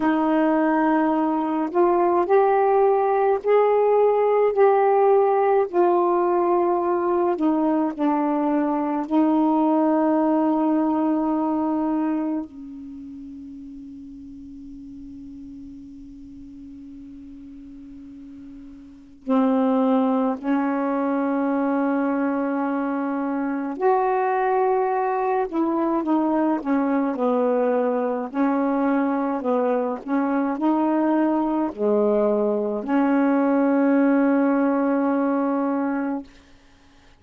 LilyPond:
\new Staff \with { instrumentName = "saxophone" } { \time 4/4 \tempo 4 = 53 dis'4. f'8 g'4 gis'4 | g'4 f'4. dis'8 d'4 | dis'2. cis'4~ | cis'1~ |
cis'4 c'4 cis'2~ | cis'4 fis'4. e'8 dis'8 cis'8 | b4 cis'4 b8 cis'8 dis'4 | gis4 cis'2. | }